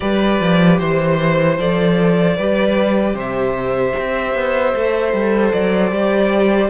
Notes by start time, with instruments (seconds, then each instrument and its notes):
0.00 cello G3, viola G4, violin B4 D5
0.40 cello F3
0.78 cello E3, violin C5
1.58 cello F3, viola A4, violin D5
2.36 cello G3, viola G4, violin B4
3.13 cello C3, violin C5 E5
3.99 cello C4
4.34 cello B3
4.75 cello A3, viola A4
5.13 cello G3
5.52 cello F#3, violin D5
5.91 cello G3, viola G4